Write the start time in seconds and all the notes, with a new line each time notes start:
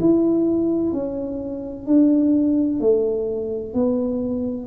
0.00 E4
0.92 C#4
1.86 D4
2.80 A3
3.73 B3